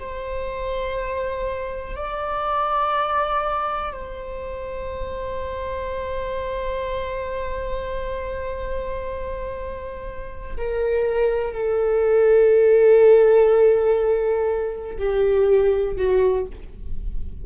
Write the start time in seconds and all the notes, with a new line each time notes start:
0.00 C5
1.96 D5
3.93 C5
10.57 A#4
11.54 A4
14.99 G4
15.97 F#4